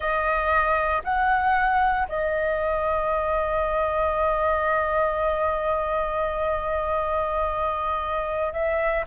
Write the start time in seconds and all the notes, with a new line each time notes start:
0.00 D#5
1.03 F#5
2.08 D#5
8.53 E5